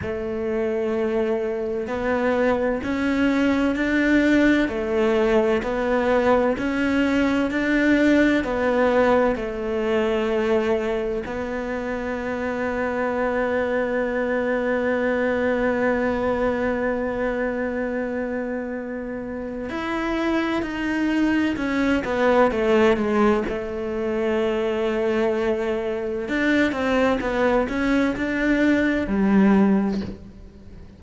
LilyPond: \new Staff \with { instrumentName = "cello" } { \time 4/4 \tempo 4 = 64 a2 b4 cis'4 | d'4 a4 b4 cis'4 | d'4 b4 a2 | b1~ |
b1~ | b4 e'4 dis'4 cis'8 b8 | a8 gis8 a2. | d'8 c'8 b8 cis'8 d'4 g4 | }